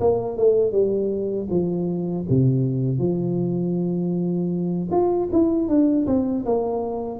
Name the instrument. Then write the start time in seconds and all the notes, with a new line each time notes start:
tuba
0.00 A#3
0.37 A3
0.71 G3
1.50 F3
2.29 C3
2.99 F3
4.91 F4
5.32 E4
5.68 D4
6.06 C4
6.45 A#3